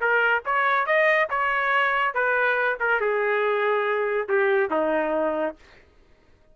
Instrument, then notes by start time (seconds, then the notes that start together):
trumpet
0.00 A#4
0.45 C#5
0.86 D#5
1.29 C#5
2.14 B4
2.79 A#4
3.00 G#4
4.28 G4
4.70 D#4